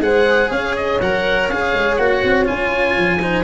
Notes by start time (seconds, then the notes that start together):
0.00 G#3 G#4 C5 F#5
0.49 C#4 C#5 F5
0.76 D#5
1.00 F#3 A#4 F#5
1.49 C#4 G#4 F5
1.74 G#3
1.96 A#3 F#4 F#5
2.24 C4
2.45 C#4 F4 G#5
2.97 F3
3.21 D#4 C5